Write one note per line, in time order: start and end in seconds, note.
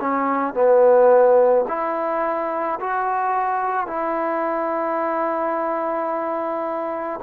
0.00 0.54 C#4
0.54 1.65 B3
1.68 2.79 E4
2.80 3.87 F#4
3.87 7.20 E4